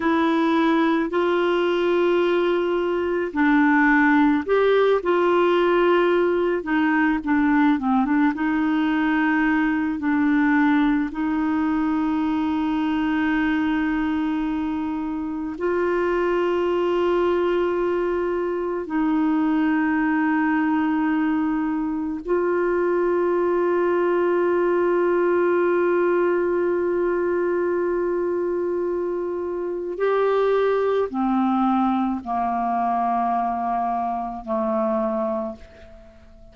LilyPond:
\new Staff \with { instrumentName = "clarinet" } { \time 4/4 \tempo 4 = 54 e'4 f'2 d'4 | g'8 f'4. dis'8 d'8 c'16 d'16 dis'8~ | dis'4 d'4 dis'2~ | dis'2 f'2~ |
f'4 dis'2. | f'1~ | f'2. g'4 | c'4 ais2 a4 | }